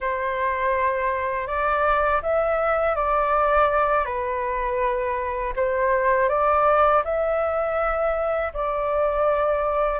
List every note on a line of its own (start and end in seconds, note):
0.00 1.47 C5
1.47 2.21 D5
2.22 2.95 E5
2.95 4.05 D5
4.05 5.53 B4
5.56 6.28 C5
6.28 7.02 D5
7.04 8.52 E5
8.54 9.99 D5